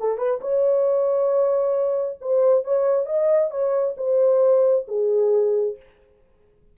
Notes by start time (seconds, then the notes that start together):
0.00 A4
0.18 B4
0.41 C#5
2.21 C5
2.64 C#5
3.06 D#5
3.51 C#5
3.97 C5
4.88 G#4